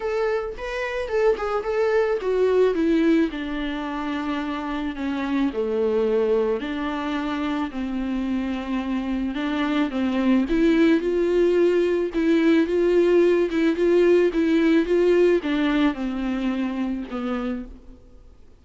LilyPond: \new Staff \with { instrumentName = "viola" } { \time 4/4 \tempo 4 = 109 a'4 b'4 a'8 gis'8 a'4 | fis'4 e'4 d'2~ | d'4 cis'4 a2 | d'2 c'2~ |
c'4 d'4 c'4 e'4 | f'2 e'4 f'4~ | f'8 e'8 f'4 e'4 f'4 | d'4 c'2 b4 | }